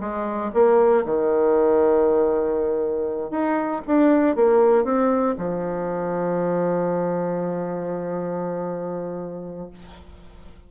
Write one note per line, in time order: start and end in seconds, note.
0.00 0.51 G#3
0.54 1.04 A#3
1.05 3.31 D#3
3.31 3.81 D#4
3.87 4.36 D4
4.36 4.84 A#3
4.84 5.35 C4
5.38 9.70 F3